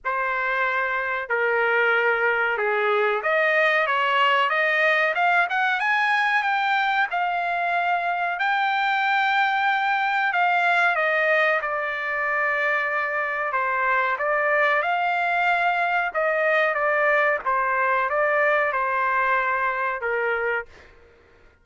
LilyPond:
\new Staff \with { instrumentName = "trumpet" } { \time 4/4 \tempo 4 = 93 c''2 ais'2 | gis'4 dis''4 cis''4 dis''4 | f''8 fis''8 gis''4 g''4 f''4~ | f''4 g''2. |
f''4 dis''4 d''2~ | d''4 c''4 d''4 f''4~ | f''4 dis''4 d''4 c''4 | d''4 c''2 ais'4 | }